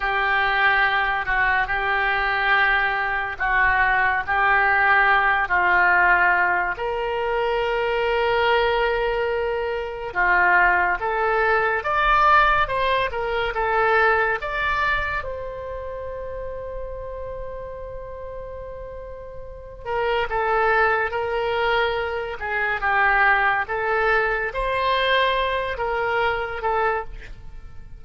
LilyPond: \new Staff \with { instrumentName = "oboe" } { \time 4/4 \tempo 4 = 71 g'4. fis'8 g'2 | fis'4 g'4. f'4. | ais'1 | f'4 a'4 d''4 c''8 ais'8 |
a'4 d''4 c''2~ | c''2.~ c''8 ais'8 | a'4 ais'4. gis'8 g'4 | a'4 c''4. ais'4 a'8 | }